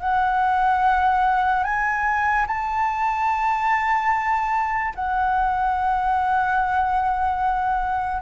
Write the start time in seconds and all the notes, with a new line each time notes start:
0.00 F#5
1.64 G#5
2.47 A5
4.95 F#5